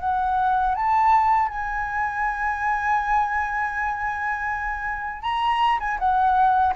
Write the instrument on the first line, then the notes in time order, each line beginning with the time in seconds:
flute
0.00 F#5
0.75 A5
1.49 G#5
5.22 A#5
5.80 G#5
5.99 F#5